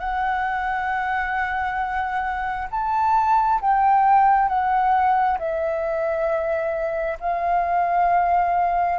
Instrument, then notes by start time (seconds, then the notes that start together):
flute
0.00 F#5
2.71 A5
3.61 G5
4.49 F#5
5.39 E5
7.20 F5